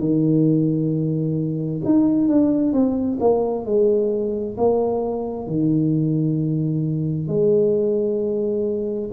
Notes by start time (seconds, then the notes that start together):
0.00 D#3
1.85 D#4
2.29 D4
2.73 C4
3.20 A#3
3.66 G#3
4.57 A#3
5.47 D#3
7.28 G#3